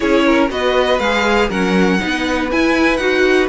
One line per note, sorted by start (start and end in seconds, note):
0.00 0.50 C#4
0.00 0.49 E4
0.00 0.24 G#4
0.00 0.49 C#5
0.26 0.51 A#4
0.49 0.99 B3
0.49 0.99 F#4
0.49 1.48 B4
0.49 0.99 D#5
0.99 1.49 G#3
0.99 1.50 G#4
0.99 1.49 F5
1.48 1.99 F#3
1.48 1.99 C#4
1.48 1.98 A#4
1.48 2.50 F#5
1.99 2.52 B3
1.99 2.49 D#4
1.99 3.49 B4
2.51 2.99 E4
2.51 2.96 G#5
2.96 3.49 D#4
2.96 3.49 F#4
2.96 3.46 F#5